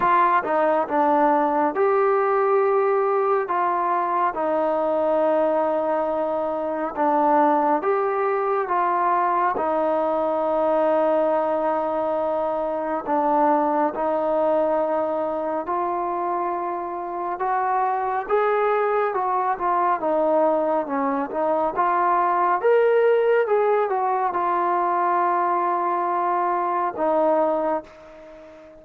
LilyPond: \new Staff \with { instrumentName = "trombone" } { \time 4/4 \tempo 4 = 69 f'8 dis'8 d'4 g'2 | f'4 dis'2. | d'4 g'4 f'4 dis'4~ | dis'2. d'4 |
dis'2 f'2 | fis'4 gis'4 fis'8 f'8 dis'4 | cis'8 dis'8 f'4 ais'4 gis'8 fis'8 | f'2. dis'4 | }